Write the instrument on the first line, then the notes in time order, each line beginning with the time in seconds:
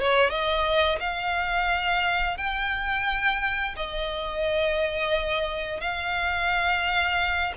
violin
0.00 C#5
0.30 D#5
1.00 F5
2.38 G5
3.76 D#5
5.81 F5